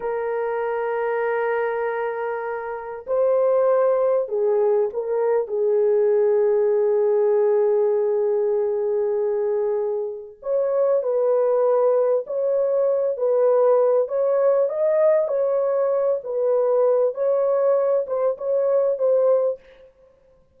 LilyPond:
\new Staff \with { instrumentName = "horn" } { \time 4/4 \tempo 4 = 98 ais'1~ | ais'4 c''2 gis'4 | ais'4 gis'2.~ | gis'1~ |
gis'4 cis''4 b'2 | cis''4. b'4. cis''4 | dis''4 cis''4. b'4. | cis''4. c''8 cis''4 c''4 | }